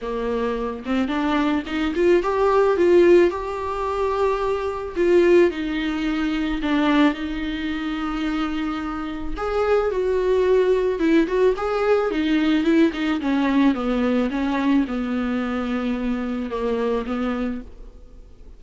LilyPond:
\new Staff \with { instrumentName = "viola" } { \time 4/4 \tempo 4 = 109 ais4. c'8 d'4 dis'8 f'8 | g'4 f'4 g'2~ | g'4 f'4 dis'2 | d'4 dis'2.~ |
dis'4 gis'4 fis'2 | e'8 fis'8 gis'4 dis'4 e'8 dis'8 | cis'4 b4 cis'4 b4~ | b2 ais4 b4 | }